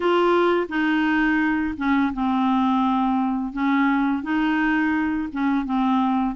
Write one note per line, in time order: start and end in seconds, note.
0.00 0.67 F4
0.68 1.74 D#4
1.77 2.12 C#4
2.13 3.52 C4
3.52 4.23 C#4
4.23 5.28 D#4
5.32 5.65 C#4
5.65 6.35 C4